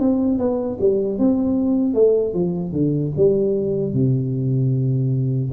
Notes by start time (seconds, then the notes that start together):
0.00 C4
0.39 B3
0.81 G3
1.19 C4
1.94 A3
2.34 F3
2.73 D3
3.17 G3
3.94 C3